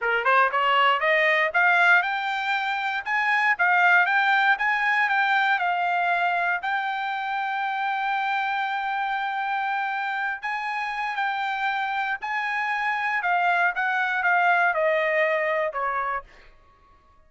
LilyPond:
\new Staff \with { instrumentName = "trumpet" } { \time 4/4 \tempo 4 = 118 ais'8 c''8 cis''4 dis''4 f''4 | g''2 gis''4 f''4 | g''4 gis''4 g''4 f''4~ | f''4 g''2.~ |
g''1~ | g''8 gis''4. g''2 | gis''2 f''4 fis''4 | f''4 dis''2 cis''4 | }